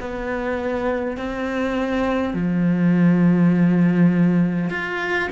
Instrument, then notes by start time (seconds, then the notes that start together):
cello
0.00 B3
1.17 C4
2.34 F3
4.70 F4